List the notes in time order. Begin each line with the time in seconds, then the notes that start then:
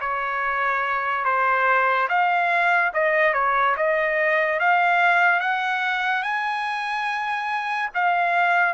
0.00 C#5
1.24 C5
2.08 F5
2.93 D#5
3.33 C#5
3.77 D#5
4.59 F5
5.40 F#5
6.22 G#5
7.94 F5